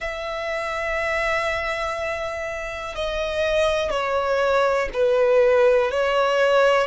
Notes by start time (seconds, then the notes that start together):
0.00 E5
2.95 D#5
3.90 C#5
4.93 B4
5.91 C#5